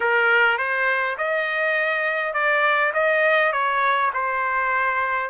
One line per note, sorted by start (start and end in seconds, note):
0.00 0.58 A#4
0.58 1.17 C5
1.17 2.33 D#5
2.33 2.92 D5
2.93 3.52 D#5
3.52 4.11 C#5
4.13 5.29 C5